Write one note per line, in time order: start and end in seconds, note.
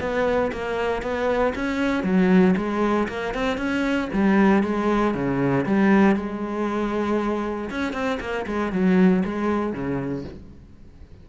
0.00 0.51 B3
0.52 1.02 A#3
1.02 1.53 B3
1.55 2.03 C#4
2.03 2.55 F#3
2.57 3.08 G#3
3.08 3.34 A#3
3.34 3.57 C4
3.57 4.08 C#4
4.13 4.63 G3
4.63 5.14 G#3
5.14 5.65 C#3
5.65 6.16 G3
6.16 7.70 G#3
7.70 7.93 C#4
7.93 8.18 C4
8.20 8.46 A#3
8.47 8.72 G#3
8.72 9.23 F#3
9.25 9.73 G#3
9.73 10.24 C#3